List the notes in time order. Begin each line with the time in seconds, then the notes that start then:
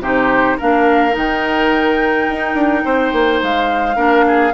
0.00 C3 D#4 G4 C5
0.58 A#3 D4 A#4 F5
1.12 D#3 D#4
1.18 G5
2.29 D#4
2.55 D4
2.85 C4 C5
3.13 A#3
3.43 G#3 F5
3.96 A#3 D4 A#4
4.27 G#4